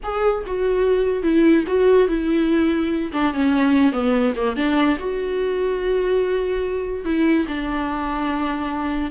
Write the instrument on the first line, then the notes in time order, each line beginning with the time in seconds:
viola
0.03 G#4
0.46 F#4
1.23 E4
1.67 F#4
2.08 E4
3.12 D4
3.33 C#4
3.92 B3
4.35 A#3
4.56 D4
4.99 F#4
7.04 E4
7.48 D4